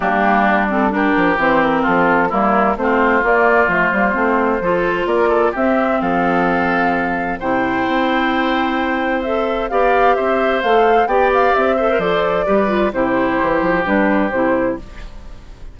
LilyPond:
<<
  \new Staff \with { instrumentName = "flute" } { \time 4/4 \tempo 4 = 130 g'4. a'8 ais'4 c''8 ais'8 | a'4 ais'4 c''4 d''4 | c''2. d''4 | e''4 f''2. |
g''1 | e''4 f''4 e''4 f''4 | g''8 f''8 e''4 d''2 | c''2 b'4 c''4 | }
  \new Staff \with { instrumentName = "oboe" } { \time 4/4 d'2 g'2 | f'4 e'4 f'2~ | f'2 a'4 ais'8 a'8 | g'4 a'2. |
c''1~ | c''4 d''4 c''2 | d''4. c''4. b'4 | g'1 | }
  \new Staff \with { instrumentName = "clarinet" } { \time 4/4 ais4. c'8 d'4 c'4~ | c'4 ais4 c'4 ais4 | a8 ais8 c'4 f'2 | c'1 |
e'1 | a'4 g'2 a'4 | g'4. a'16 ais'16 a'4 g'8 f'8 | e'2 d'4 e'4 | }
  \new Staff \with { instrumentName = "bassoon" } { \time 4/4 g2~ g8 f8 e4 | f4 g4 a4 ais4 | f8 g8 a4 f4 ais4 | c'4 f2. |
c4 c'2.~ | c'4 b4 c'4 a4 | b4 c'4 f4 g4 | c4 e8 f8 g4 c4 | }
>>